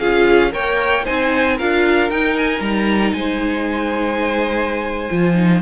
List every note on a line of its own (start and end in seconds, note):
0.00 0.54 C#4
0.00 0.52 F4
0.00 0.53 G#4
0.00 0.52 F5
0.52 1.07 A#3
0.52 1.04 A#4
0.52 1.05 C#5
0.52 1.06 G5
1.05 1.61 C4
1.05 1.58 D#4
1.05 1.57 C5
1.05 1.58 G#5
1.57 2.11 D4
1.57 2.11 F4
1.57 3.14 A#4
1.57 2.11 F5
2.11 2.61 D#4
2.11 5.11 D#4
2.11 2.37 G5
2.37 2.62 G#5
2.61 3.13 G3
2.61 3.14 A#5
3.14 5.10 G#3
3.14 5.62 C5
3.14 5.62 G#5
5.11 5.62 F3
5.11 5.35 F4
5.35 5.61 D#4